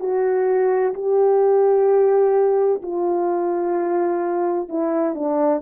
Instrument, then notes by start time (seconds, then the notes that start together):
horn
0.00 F#4
0.94 G4
2.83 F4
4.69 E4
5.15 D4